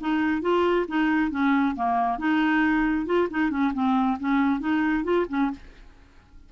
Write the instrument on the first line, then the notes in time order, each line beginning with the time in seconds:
clarinet
0.00 D#4
0.42 F4
0.88 D#4
1.31 C#4
1.75 A#3
2.18 D#4
3.06 F4
3.30 D#4
3.50 C#4
3.73 C4
4.19 C#4
4.60 D#4
5.04 F4
5.29 C#4